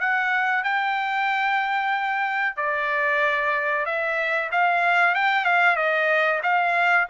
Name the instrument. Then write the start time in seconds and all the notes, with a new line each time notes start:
trumpet
0.00 F#5
0.64 G5
2.57 D5
3.86 E5
4.52 F5
5.15 G5
5.45 F5
5.76 D#5
6.43 F5